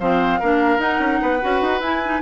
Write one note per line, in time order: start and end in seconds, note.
0.00 0.41 F3
0.00 0.42 C4
0.00 0.40 C5
0.00 0.81 F5
0.40 0.78 A#3
0.40 0.79 D4
0.40 1.21 A#4
0.78 0.98 D#4
0.78 1.40 D#4
0.78 1.82 F#5
0.99 1.20 C#4
1.22 1.42 B3
1.22 2.22 B4
1.41 1.62 C#4
1.41 1.82 F#4
1.62 1.80 D#4
1.80 2.21 E4
1.80 2.03 E4
1.80 2.22 G#5
2.05 2.22 D#4